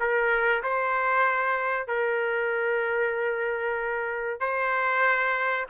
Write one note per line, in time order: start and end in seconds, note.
0.00 0.63 A#4
0.63 1.88 C5
1.88 4.40 A#4
4.40 5.67 C5